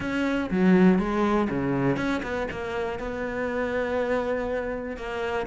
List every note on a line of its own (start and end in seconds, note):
0.00 0.50 C#4
0.50 0.98 F#3
0.98 1.48 G#3
1.49 1.96 C#3
1.96 2.21 C#4
2.22 2.47 B3
2.51 2.99 A#3
2.99 4.97 B3
4.97 5.46 A#3